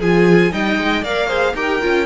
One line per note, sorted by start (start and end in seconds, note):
0.00 0.52 F3
0.00 0.52 F4
0.00 0.52 G#4
0.00 0.53 G#5
0.52 0.77 G3
0.52 1.04 D#4
0.52 1.03 D#5
0.52 1.04 G5
0.77 1.03 G#3
1.03 1.54 A#3
1.03 1.28 A#4
1.03 1.27 D5
1.03 1.56 F5
1.27 1.54 G#4
1.27 1.53 C5
1.54 1.79 D#4
1.54 1.82 G4
1.54 2.06 A#4
1.54 2.06 G5
1.82 2.06 C#4
1.82 2.06 F4